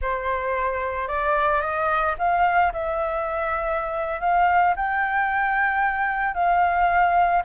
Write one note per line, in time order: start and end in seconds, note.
0.01 1.08 C5
1.08 1.61 D5
1.61 2.15 D#5
2.18 2.72 F5
2.72 4.20 E5
4.20 4.74 F5
4.76 6.34 G5
6.34 7.42 F5